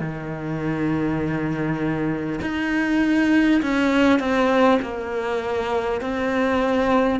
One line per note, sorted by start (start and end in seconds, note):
0.00 2.40 D#3
2.42 3.62 D#4
3.63 4.19 C#4
4.19 4.79 C4
4.82 6.01 A#3
6.01 7.20 C4